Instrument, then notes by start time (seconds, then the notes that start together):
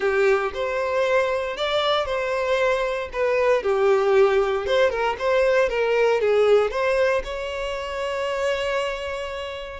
violin
0.00 G4
0.54 C5
1.57 D5
2.05 C5
3.12 B4
3.62 G4
4.66 C5
4.89 A#4
5.18 C5
5.69 A#4
6.20 G#4
6.71 C5
7.23 C#5